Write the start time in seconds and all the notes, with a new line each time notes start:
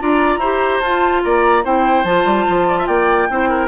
0.00 D4 F4 D5 A#5
0.38 E4 G4 C5
0.81 F4 A5
1.24 A#3 D5 A#5
1.64 C4 E4 C5 G5
2.04 F3 F4 A5
2.25 G3
2.49 F3
2.68 D5
2.79 E5
2.87 A#3 D5 G5
3.30 C4 E4 C5
3.50 A#4